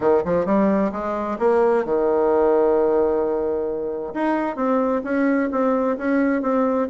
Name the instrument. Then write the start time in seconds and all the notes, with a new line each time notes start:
bassoon
0.00 D#3
0.24 F3
0.45 G3
0.92 G#3
1.38 A#3
1.84 D#3
4.13 D#4
4.56 C4
5.03 C#4
5.51 C4
5.97 C#4
6.42 C4